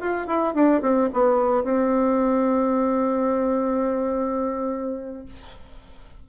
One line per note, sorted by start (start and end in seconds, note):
0.00 0.27 F4
0.27 0.54 E4
0.54 0.81 D4
0.81 1.09 C4
1.13 1.64 B3
1.64 5.25 C4